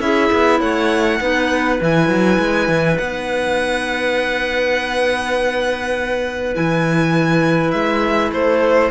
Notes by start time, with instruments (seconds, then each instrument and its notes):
0.00 cello C#4, clarinet E4 G#4, violin E5
0.32 cello B3
0.59 cello A3, clarinet C#5, violin F#5
1.21 cello B3, clarinet D#4 B4
1.81 cello E3, clarinet E4, violin G#5
2.09 cello F#3
2.39 cello G#3
2.68 cello E3
2.98 cello B3, clarinet D#4, violin F#5
6.54 cello E3, clarinet E4, violin G#5
7.71 cello G#3, violin E5
8.32 cello A3, clarinet A4, violin C5